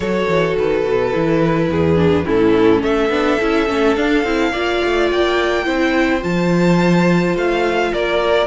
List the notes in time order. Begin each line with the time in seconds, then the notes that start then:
0.00 F#3 F#4 A4 C#5
0.28 E3
0.57 D#3 B4
0.84 B2
1.12 E3 E4
1.68 E2 G#4
1.96 D4
2.25 A2 C#4 E4 A4
2.82 A3 A4 E5
3.09 B3 D4
3.40 C#4 E4
3.68 A3 C#4
3.95 D4 F5
4.23 C4 E4
4.51 A#3 F4 D5
4.84 A3
5.11 A#3 G5
5.64 C4 E4 C5
6.20 F3 F4 A5
7.35 A3 F5
7.93 A#3 A#4 D5